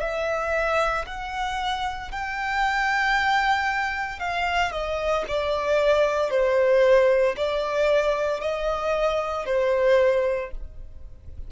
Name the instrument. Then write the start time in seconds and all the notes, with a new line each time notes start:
violin
0.00 E5
1.06 F#5
2.11 G5
4.20 F5
4.72 D#5
5.28 D5
6.30 C5
7.36 D5
8.41 D#5
9.45 C5